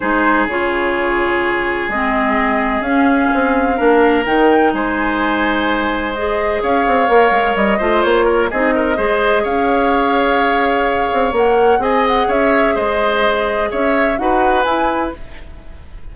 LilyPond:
<<
  \new Staff \with { instrumentName = "flute" } { \time 4/4 \tempo 4 = 127 c''4 cis''2. | dis''2 f''2~ | f''4 g''4 gis''2~ | gis''4 dis''4 f''2 |
dis''4 cis''4 dis''2 | f''1 | fis''4 gis''8 fis''8 e''4 dis''4~ | dis''4 e''4 fis''4 gis''4 | }
  \new Staff \with { instrumentName = "oboe" } { \time 4/4 gis'1~ | gis'1 | ais'2 c''2~ | c''2 cis''2~ |
cis''8 c''4 ais'8 gis'8 ais'8 c''4 | cis''1~ | cis''4 dis''4 cis''4 c''4~ | c''4 cis''4 b'2 | }
  \new Staff \with { instrumentName = "clarinet" } { \time 4/4 dis'4 f'2. | c'2 cis'2 | d'4 dis'2.~ | dis'4 gis'2 ais'4~ |
ais'8 f'4. dis'4 gis'4~ | gis'1 | ais'4 gis'2.~ | gis'2 fis'4 e'4 | }
  \new Staff \with { instrumentName = "bassoon" } { \time 4/4 gis4 cis2. | gis2 cis'4 c'4 | ais4 dis4 gis2~ | gis2 cis'8 c'8 ais8 gis8 |
g8 a8 ais4 c'4 gis4 | cis'2.~ cis'8 c'8 | ais4 c'4 cis'4 gis4~ | gis4 cis'4 dis'4 e'4 | }
>>